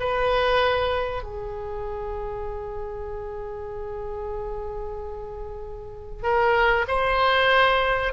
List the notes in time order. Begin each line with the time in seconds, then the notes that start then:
0.00 B4
1.23 G#4
6.23 A#4
6.88 C5